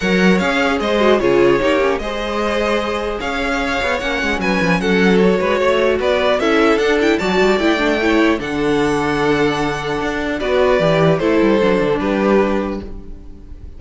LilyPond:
<<
  \new Staff \with { instrumentName = "violin" } { \time 4/4 \tempo 4 = 150 fis''4 f''4 dis''4 cis''4~ | cis''4 dis''2. | f''2 fis''4 gis''4 | fis''4 cis''2 d''4 |
e''4 fis''8 g''8 a''4 g''4~ | g''4 fis''2.~ | fis''2 d''2 | c''2 b'2 | }
  \new Staff \with { instrumentName = "violin" } { \time 4/4 cis''2 c''4 gis'4 | g'4 c''2. | cis''2. b'4 | a'4. b'8 cis''4 b'4 |
a'2 d''2 | cis''4 a'2.~ | a'2 b'2 | a'2 g'2 | }
  \new Staff \with { instrumentName = "viola" } { \time 4/4 ais'4 gis'4. fis'8 f'4 | dis'8 cis'8 gis'2.~ | gis'2 cis'2~ | cis'4 fis'2. |
e'4 d'8 e'8 fis'4 e'8 d'8 | e'4 d'2.~ | d'2 fis'4 g'4 | e'4 d'2. | }
  \new Staff \with { instrumentName = "cello" } { \time 4/4 fis4 cis'4 gis4 cis4 | ais4 gis2. | cis'4. b8 ais8 gis8 fis8 f8 | fis4. gis8 a4 b4 |
cis'4 d'4 fis8 g8 a4~ | a4 d2.~ | d4 d'4 b4 e4 | a8 g8 fis8 d8 g2 | }
>>